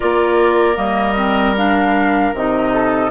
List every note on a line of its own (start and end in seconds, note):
0.00 0.76 A#3
0.00 0.75 F4
0.00 2.72 A#4
0.00 0.77 D5
0.75 2.32 G3
0.75 1.14 A#3
0.75 1.55 D#5
1.16 1.55 C4
1.56 2.34 D4
1.56 2.35 F5
2.33 3.10 C3
2.33 3.10 D#4
2.33 3.10 D#5
2.73 3.10 A4